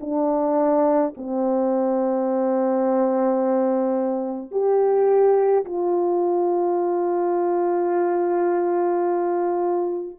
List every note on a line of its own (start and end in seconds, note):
0.00 1.13 D4
1.17 4.51 C4
4.51 5.64 G4
5.64 10.17 F4